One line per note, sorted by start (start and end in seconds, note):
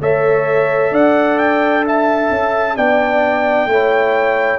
0.00 0.91 A3
0.00 2.76 A4
0.00 0.92 C#5
0.00 0.94 E5
0.91 2.29 D4
0.91 1.84 D5
0.91 1.38 F#5
1.38 1.84 G5
1.86 2.77 E5
1.86 2.76 A5
2.30 2.76 C#4
2.76 3.66 B3
2.76 3.68 D4
2.76 3.69 D5
2.76 4.58 G5
3.66 4.58 A3
3.66 4.58 E4
3.66 4.58 C#5